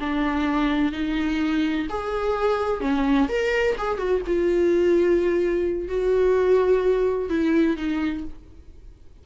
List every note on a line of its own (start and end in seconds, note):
0.00 0.93 D4
0.93 1.87 D#4
1.90 2.81 G#4
2.81 3.28 C#4
3.29 3.76 A#4
3.78 3.98 G#4
3.98 4.22 F#4
4.27 5.88 F4
5.88 7.30 F#4
7.30 7.77 E4
7.77 8.24 D#4